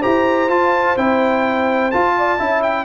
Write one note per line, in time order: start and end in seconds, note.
0.00 0.48 E4
0.00 0.49 G4
0.00 2.14 C5
0.00 0.49 A#5
0.48 0.95 F4
0.48 0.97 F4
0.48 0.97 A5
0.96 1.91 C4
0.96 1.92 E4
0.96 1.91 G5
1.91 2.38 F4
1.91 2.39 F4
1.91 2.62 A5
2.17 2.38 D5
2.38 2.85 C#4
2.38 2.85 E4
2.38 2.85 E5
2.62 2.85 G5